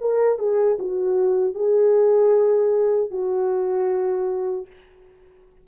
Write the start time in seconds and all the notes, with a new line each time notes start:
0.00 A#4
0.38 G#4
0.79 F#4
1.54 G#4
3.10 F#4